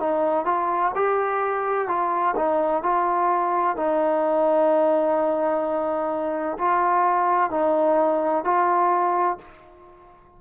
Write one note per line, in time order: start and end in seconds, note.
0.00 0.46 D#4
0.46 0.92 F4
0.95 1.88 G4
1.88 2.35 F4
2.36 2.83 D#4
2.83 3.77 F4
3.77 6.58 D#4
6.59 7.51 F4
7.51 8.45 D#4
8.45 9.38 F4